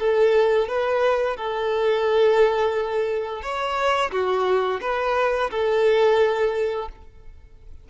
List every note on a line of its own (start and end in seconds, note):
0.00 0.68 A4
0.68 1.37 B4
1.37 3.42 A4
3.42 4.11 C#5
4.12 4.81 F#4
4.82 5.50 B4
5.51 6.89 A4